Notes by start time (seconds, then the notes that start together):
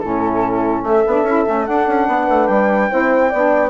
0.00 A2 C#4 E4 A4
0.83 A3 A4 E5
1.07 B3 D4
1.23 C#4 E4
1.46 A3 C#4
1.66 D4 F#5
1.87 C#4
2.07 B3 B4
2.29 A3
2.47 G3 G5
2.90 C4 E4 C5
3.29 B3 D4 D5